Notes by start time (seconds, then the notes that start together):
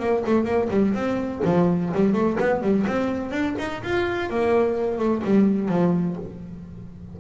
0.00 A#3
0.27 A3
0.45 A#3
0.71 G3
0.95 C4
1.45 F3
1.95 G3
2.14 A3
2.40 B3
2.62 G3
2.87 C4
3.32 D4
3.59 D#4
3.84 F4
4.30 A#3
4.99 A3
5.25 G3
5.69 F3